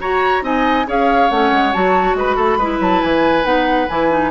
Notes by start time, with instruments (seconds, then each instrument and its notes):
0.00 clarinet F#4, bassoon F#4, oboe C#5, flute A#5
0.41 bassoon C4, clarinet D#4, oboe D#5, flute G#5
0.87 bassoon C#4, clarinet G#4, oboe C#5, flute F5
1.30 bassoon A3, clarinet C#4, flute F#5
1.52 bassoon G#3
1.73 bassoon F#3, clarinet F#4, flute A5
2.14 bassoon G#3, oboe B4, flute B5
2.36 bassoon A3, oboe A4
2.57 bassoon G#3, clarinet E4, oboe B4
2.80 bassoon F#3, flute A5
3.02 bassoon E3, flute G#5
3.43 bassoon B3, clarinet D#4, flute F#5
3.88 bassoon E3, clarinet E4, flute G#5
4.10 clarinet D#4